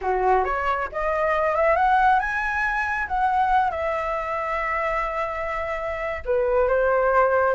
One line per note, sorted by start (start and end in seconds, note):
0.01 0.44 F#4
0.44 0.88 C#5
0.92 1.55 D#5
1.55 1.75 E5
1.75 2.19 F#5
2.19 3.07 G#5
3.07 3.70 F#5
3.70 6.22 E5
6.25 6.68 B4
6.68 7.54 C5